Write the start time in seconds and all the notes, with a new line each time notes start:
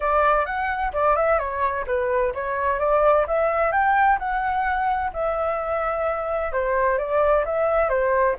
0.00 D5
0.45 F#5
0.93 D5
1.16 E5
1.38 C#5
1.86 B4
2.34 C#5
2.79 D5
3.27 E5
3.71 G5
4.18 F#5
5.13 E5
6.52 C5
6.98 D5
7.45 E5
7.89 C5